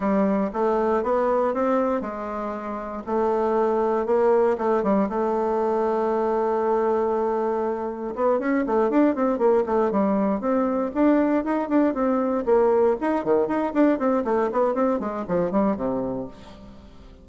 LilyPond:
\new Staff \with { instrumentName = "bassoon" } { \time 4/4 \tempo 4 = 118 g4 a4 b4 c'4 | gis2 a2 | ais4 a8 g8 a2~ | a1 |
b8 cis'8 a8 d'8 c'8 ais8 a8 g8~ | g8 c'4 d'4 dis'8 d'8 c'8~ | c'8 ais4 dis'8 dis8 dis'8 d'8 c'8 | a8 b8 c'8 gis8 f8 g8 c4 | }